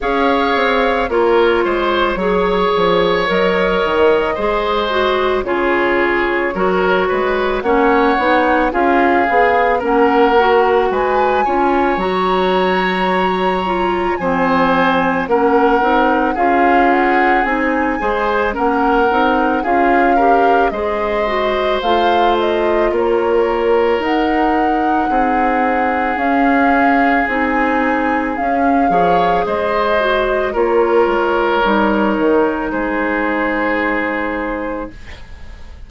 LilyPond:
<<
  \new Staff \with { instrumentName = "flute" } { \time 4/4 \tempo 4 = 55 f''4 cis''2 dis''4~ | dis''4 cis''2 fis''4 | f''4 fis''4 gis''4 ais''4~ | ais''4 gis''4 fis''4 f''8 fis''8 |
gis''4 fis''4 f''4 dis''4 | f''8 dis''8 cis''4 fis''2 | f''4 gis''4 f''4 dis''4 | cis''2 c''2 | }
  \new Staff \with { instrumentName = "oboe" } { \time 4/4 cis''4 ais'8 c''8 cis''2 | c''4 gis'4 ais'8 b'8 cis''4 | gis'4 ais'4 b'8 cis''4.~ | cis''4 c''4 ais'4 gis'4~ |
gis'8 c''8 ais'4 gis'8 ais'8 c''4~ | c''4 ais'2 gis'4~ | gis'2~ gis'8 cis''8 c''4 | ais'2 gis'2 | }
  \new Staff \with { instrumentName = "clarinet" } { \time 4/4 gis'4 f'4 gis'4 ais'4 | gis'8 fis'8 f'4 fis'4 cis'8 dis'8 | f'8 gis'8 cis'8 fis'4 f'8 fis'4~ | fis'8 f'8 c'4 cis'8 dis'8 f'4 |
dis'8 gis'8 cis'8 dis'8 f'8 g'8 gis'8 fis'8 | f'2 dis'2 | cis'4 dis'4 cis'8 gis'4 fis'8 | f'4 dis'2. | }
  \new Staff \with { instrumentName = "bassoon" } { \time 4/4 cis'8 c'8 ais8 gis8 fis8 f8 fis8 dis8 | gis4 cis4 fis8 gis8 ais8 b8 | cis'8 b8 ais4 gis8 cis'8 fis4~ | fis4 f4 ais8 c'8 cis'4 |
c'8 gis8 ais8 c'8 cis'4 gis4 | a4 ais4 dis'4 c'4 | cis'4 c'4 cis'8 f8 gis4 | ais8 gis8 g8 dis8 gis2 | }
>>